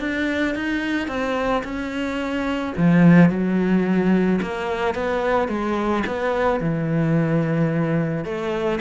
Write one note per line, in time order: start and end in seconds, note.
0.00 0.55 D4
0.55 1.08 D#4
1.08 1.63 C4
1.64 2.74 C#4
2.77 3.30 F3
3.30 4.40 F#3
4.42 4.94 A#3
4.94 5.48 B3
5.48 6.04 G#3
6.07 6.60 B3
6.60 8.24 E3
8.24 8.79 A3